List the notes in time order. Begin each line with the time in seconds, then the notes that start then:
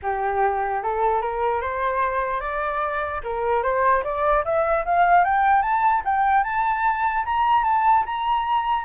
0.02 G4
0.83 A4
1.21 A#4
1.61 C5
2.40 D5
3.23 A#4
3.63 C5
4.04 D5
4.44 E5
4.85 F5
5.24 G5
5.62 A5
6.04 G5
6.43 A5
7.25 A#5
7.64 A5
8.05 A#5